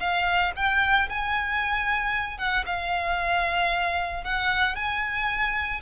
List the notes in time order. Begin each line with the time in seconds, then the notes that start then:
0.00 F5
0.56 G5
1.10 G#5
2.38 F#5
2.67 F5
4.24 F#5
4.76 G#5